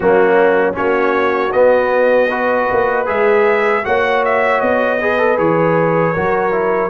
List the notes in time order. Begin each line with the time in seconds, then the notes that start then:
0.00 F#3 A#3 C#4 F#4
0.73 A#3 C#4 F#4 C#5
1.52 B3 D#5
2.29 F#4 B4
2.71 A#3
3.06 G#3 G#4 E5
3.83 A#3 F#4 C#5 F#5
4.24 E5
4.60 B3 D#5
5.01 G#4 B4
5.18 A4
5.37 E3 G#4 C#5
6.14 F#3 F#4 A#4
6.51 E4